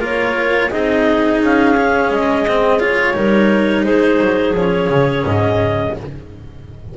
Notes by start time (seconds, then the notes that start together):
0.00 A#3 F4 A#4 C#5
0.71 C4 D#4 G#4 D#5
1.42 C#4 F5
1.77 C#4
2.10 G#3 D#5
2.48 C4
2.80 F4 C#5
3.14 G3 D#4 A#4
3.85 G#3 G#4 C5
4.21 F#3
4.53 F3 C#4 C#5
4.90 C#3
5.26 G#2 D#5